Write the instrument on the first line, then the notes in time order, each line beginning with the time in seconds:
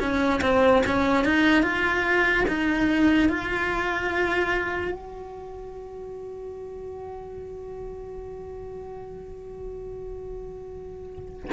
cello
0.00 C#4
0.41 C4
0.86 C#4
1.25 D#4
1.63 F4
2.48 D#4
3.30 F4
4.92 F#4